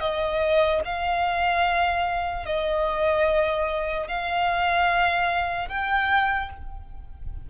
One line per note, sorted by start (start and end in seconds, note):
0.00 0.81 D#5
0.85 2.46 F5
2.46 4.08 D#5
4.08 5.69 F5
5.69 6.50 G5